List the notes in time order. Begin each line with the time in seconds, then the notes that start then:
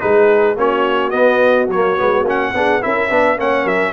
0.00 G#3 D#4 G#4 B4
0.57 A#3 C#4 F#4 C#5
1.10 B3 D#5
1.69 F#3 A#3 C#5
1.97 G#3 B3
2.22 A#3 C#4
2.29 F#5
2.54 B3 D4 G#4
2.81 C#4 E4 A#4 E5
3.10 B3 D4 B4
3.37 A#3 C#4 C#5 F#5
3.63 F#3 A#4 E5